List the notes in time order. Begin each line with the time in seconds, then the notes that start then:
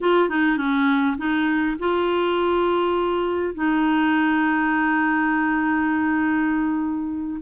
0.00 F4
0.29 D#4
0.57 C#4
1.17 D#4
1.79 F4
3.54 D#4